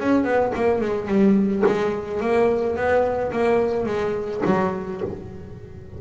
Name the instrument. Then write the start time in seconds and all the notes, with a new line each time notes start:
double bass
0.00 C#4
0.24 B3
0.55 A#3
0.81 G#3
1.08 G3
1.66 G#3
2.21 A#3
2.77 B3
3.33 A#3
3.86 G#3
4.46 F#3